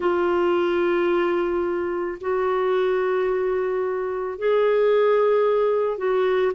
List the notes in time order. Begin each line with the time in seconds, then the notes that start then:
0.00 F4
2.20 F#4
4.38 G#4
5.97 F#4